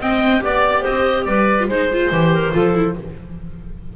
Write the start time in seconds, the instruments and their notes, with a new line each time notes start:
0.00 viola C4, double bass C4, clarinet D#5, oboe G5
0.40 double bass B3, viola G4, clarinet D5, oboe D5
0.80 double bass C4, clarinet C5, oboe D#5
1.25 double bass G3, clarinet B4, oboe D5
1.60 viola F4
1.68 double bass G#3, viola D#4, clarinet C5, oboe C5
1.92 viola F4
2.11 double bass E3, viola G4
2.33 clarinet A#4
2.52 double bass F3, viola F4, clarinet A4
2.74 viola E4